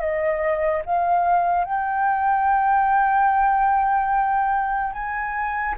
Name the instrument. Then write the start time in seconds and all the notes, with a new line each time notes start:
flute
0.00 D#5
0.86 F5
1.65 G5
4.93 G#5